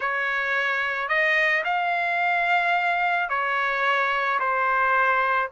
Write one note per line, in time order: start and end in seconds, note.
0.00 1.08 C#5
1.08 1.63 D#5
1.64 3.29 F5
3.29 4.39 C#5
4.39 5.49 C5